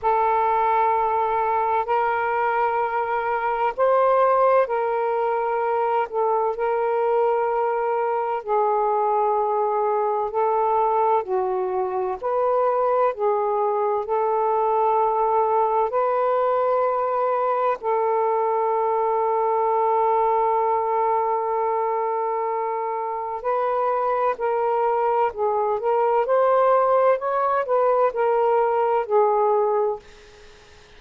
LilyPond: \new Staff \with { instrumentName = "saxophone" } { \time 4/4 \tempo 4 = 64 a'2 ais'2 | c''4 ais'4. a'8 ais'4~ | ais'4 gis'2 a'4 | fis'4 b'4 gis'4 a'4~ |
a'4 b'2 a'4~ | a'1~ | a'4 b'4 ais'4 gis'8 ais'8 | c''4 cis''8 b'8 ais'4 gis'4 | }